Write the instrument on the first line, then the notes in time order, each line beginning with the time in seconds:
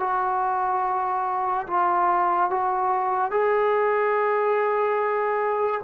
trombone
0.00 F#4
1.67 F4
2.50 F#4
3.31 G#4